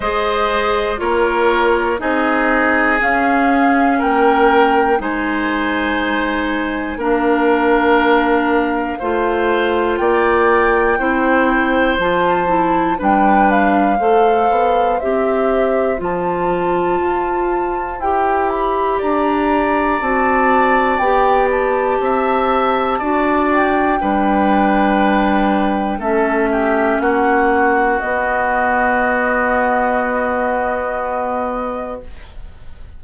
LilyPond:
<<
  \new Staff \with { instrumentName = "flute" } { \time 4/4 \tempo 4 = 60 dis''4 cis''4 dis''4 f''4 | g''4 gis''2 f''4~ | f''2 g''2 | a''4 g''8 f''4. e''4 |
a''2 g''8 b''8 ais''4 | a''4 g''8 a''2 g''8~ | g''2 e''4 fis''4 | dis''1 | }
  \new Staff \with { instrumentName = "oboe" } { \time 4/4 c''4 ais'4 gis'2 | ais'4 c''2 ais'4~ | ais'4 c''4 d''4 c''4~ | c''4 b'4 c''2~ |
c''2. d''4~ | d''2 e''4 d''4 | b'2 a'8 g'8 fis'4~ | fis'1 | }
  \new Staff \with { instrumentName = "clarinet" } { \time 4/4 gis'4 f'4 dis'4 cis'4~ | cis'4 dis'2 d'4~ | d'4 f'2 e'4 | f'8 e'8 d'4 a'4 g'4 |
f'2 g'2 | fis'4 g'2 fis'4 | d'2 cis'2 | b1 | }
  \new Staff \with { instrumentName = "bassoon" } { \time 4/4 gis4 ais4 c'4 cis'4 | ais4 gis2 ais4~ | ais4 a4 ais4 c'4 | f4 g4 a8 b8 c'4 |
f4 f'4 e'4 d'4 | c'4 b4 c'4 d'4 | g2 a4 ais4 | b1 | }
>>